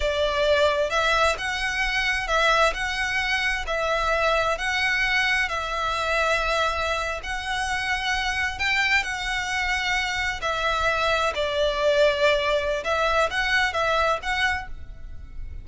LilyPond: \new Staff \with { instrumentName = "violin" } { \time 4/4 \tempo 4 = 131 d''2 e''4 fis''4~ | fis''4 e''4 fis''2 | e''2 fis''2 | e''2.~ e''8. fis''16~ |
fis''2~ fis''8. g''4 fis''16~ | fis''2~ fis''8. e''4~ e''16~ | e''8. d''2.~ d''16 | e''4 fis''4 e''4 fis''4 | }